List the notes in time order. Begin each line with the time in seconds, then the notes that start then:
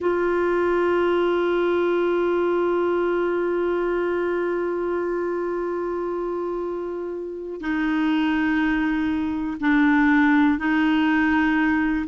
0.00 F4
7.60 D#4
9.60 D4
10.58 D#4